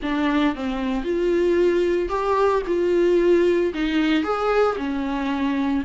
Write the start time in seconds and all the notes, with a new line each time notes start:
0.02 D4
0.55 C4
1.03 F4
2.09 G4
2.67 F4
3.74 D#4
4.23 G#4
4.77 C#4